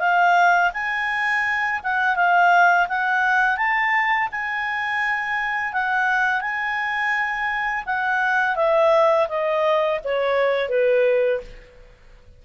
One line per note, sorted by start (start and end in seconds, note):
0.00 0.71 F5
0.73 1.81 G#5
1.83 2.16 F#5
2.16 2.87 F5
2.89 3.57 F#5
3.57 4.29 A5
4.31 5.73 G#5
5.73 6.41 F#5
6.41 7.84 G#5
7.86 8.56 F#5
8.56 9.27 E5
9.29 10.00 D#5
10.04 10.69 C#5
10.69 11.41 B4